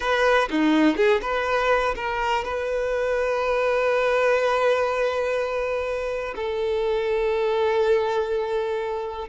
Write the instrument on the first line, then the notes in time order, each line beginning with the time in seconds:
violin
0.00 B4
0.50 D#4
0.96 G#4
1.21 B4
1.95 A#4
2.44 B4
6.35 A4